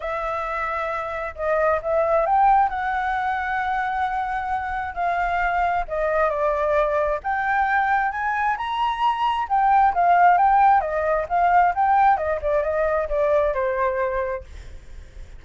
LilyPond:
\new Staff \with { instrumentName = "flute" } { \time 4/4 \tempo 4 = 133 e''2. dis''4 | e''4 g''4 fis''2~ | fis''2. f''4~ | f''4 dis''4 d''2 |
g''2 gis''4 ais''4~ | ais''4 g''4 f''4 g''4 | dis''4 f''4 g''4 dis''8 d''8 | dis''4 d''4 c''2 | }